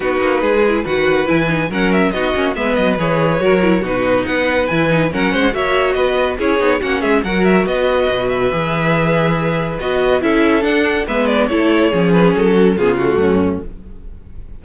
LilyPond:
<<
  \new Staff \with { instrumentName = "violin" } { \time 4/4 \tempo 4 = 141 b'2 fis''4 gis''4 | fis''8 e''8 dis''4 e''8 dis''8 cis''4~ | cis''4 b'4 fis''4 gis''4 | fis''4 e''4 dis''4 cis''4 |
fis''8 e''8 fis''8 e''8 dis''4. e''8~ | e''2. dis''4 | e''4 fis''4 e''8 d''8 cis''4~ | cis''8 b'8 a'4 gis'8 fis'4. | }
  \new Staff \with { instrumentName = "violin" } { \time 4/4 fis'4 gis'4 b'2 | ais'4 fis'4 b'2 | ais'4 fis'4 b'2 | ais'8 c''8 cis''4 b'4 gis'4 |
fis'8 gis'8 ais'4 b'2~ | b'1 | a'2 b'4 a'4 | gis'4. fis'8 f'4 cis'4 | }
  \new Staff \with { instrumentName = "viola" } { \time 4/4 dis'4. e'8 fis'4 e'8 dis'8 | cis'4 dis'8 cis'8 b4 gis'4 | fis'8 e'8 dis'2 e'8 dis'8 | cis'4 fis'2 e'8 dis'8 |
cis'4 fis'2. | gis'2. fis'4 | e'4 d'4 b4 e'4 | cis'2 b8 a4. | }
  \new Staff \with { instrumentName = "cello" } { \time 4/4 b8 ais8 gis4 dis4 e4 | fis4 b8 ais8 gis8 fis8 e4 | fis4 b,4 b4 e4 | fis8 gis8 ais4 b4 cis'8 b8 |
ais8 gis8 fis4 b4 b,4 | e2. b4 | cis'4 d'4 gis4 a4 | f4 fis4 cis4 fis,4 | }
>>